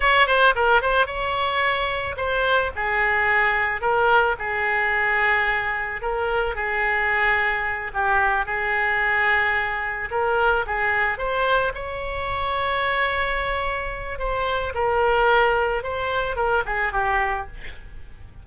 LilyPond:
\new Staff \with { instrumentName = "oboe" } { \time 4/4 \tempo 4 = 110 cis''8 c''8 ais'8 c''8 cis''2 | c''4 gis'2 ais'4 | gis'2. ais'4 | gis'2~ gis'8 g'4 gis'8~ |
gis'2~ gis'8 ais'4 gis'8~ | gis'8 c''4 cis''2~ cis''8~ | cis''2 c''4 ais'4~ | ais'4 c''4 ais'8 gis'8 g'4 | }